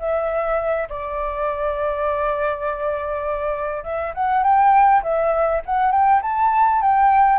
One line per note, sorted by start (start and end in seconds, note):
0.00 0.89 E5
0.90 3.84 D5
3.84 4.14 E5
4.15 4.43 F#5
4.43 5.03 G5
5.03 5.62 E5
5.66 5.92 F#5
5.92 6.22 G5
6.23 6.82 A5
6.82 7.39 G5